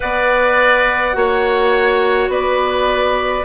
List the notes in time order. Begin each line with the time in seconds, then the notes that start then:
0.00 B3 B4 D5 F#5
1.12 A#3 F#4 C#5
2.28 B3 B4 D5